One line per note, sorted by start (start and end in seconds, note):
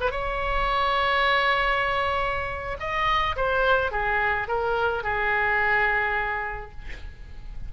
0.00 0.11 B4
0.11 2.77 C#5
2.79 3.35 D#5
3.36 3.91 C5
3.91 4.47 G#4
4.47 5.03 A#4
5.03 6.71 G#4